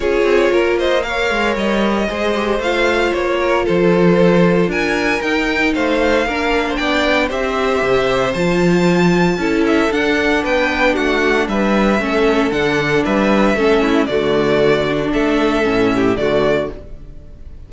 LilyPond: <<
  \new Staff \with { instrumentName = "violin" } { \time 4/4 \tempo 4 = 115 cis''4. dis''8 f''4 dis''4~ | dis''4 f''4 cis''4 c''4~ | c''4 gis''4 g''4 f''4~ | f''4 g''4 e''2 |
a''2~ a''8 e''8 fis''4 | g''4 fis''4 e''2 | fis''4 e''2 d''4~ | d''4 e''2 d''4 | }
  \new Staff \with { instrumentName = "violin" } { \time 4/4 gis'4 ais'8 c''8 cis''2 | c''2~ c''8 ais'8 a'4~ | a'4 ais'2 c''4 | ais'8. c''16 d''4 c''2~ |
c''2 a'2 | b'4 fis'4 b'4 a'4~ | a'4 b'4 a'8 e'8 fis'4~ | fis'4 a'4. g'8 fis'4 | }
  \new Staff \with { instrumentName = "viola" } { \time 4/4 f'2 ais'2 | gis'8 g'8 f'2.~ | f'2 dis'2 | d'2 g'2 |
f'2 e'4 d'4~ | d'2. cis'4 | d'2 cis'4 a4~ | a8 d'4. cis'4 a4 | }
  \new Staff \with { instrumentName = "cello" } { \time 4/4 cis'8 c'8 ais4. gis8 g4 | gis4 a4 ais4 f4~ | f4 d'4 dis'4 a4 | ais4 b4 c'4 c4 |
f2 cis'4 d'4 | b4 a4 g4 a4 | d4 g4 a4 d4~ | d4 a4 a,4 d4 | }
>>